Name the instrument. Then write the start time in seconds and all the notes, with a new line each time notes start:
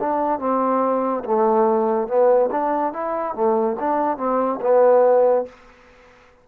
trombone
0.00 D4
0.40 C4
1.25 A3
2.08 B3
2.52 D4
2.93 E4
3.35 A3
3.80 D4
4.18 C4
4.62 B3